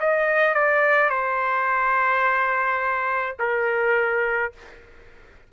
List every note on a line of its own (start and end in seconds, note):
0.00 0.54 D#5
0.54 1.10 D5
1.10 3.36 C5
3.39 4.52 A#4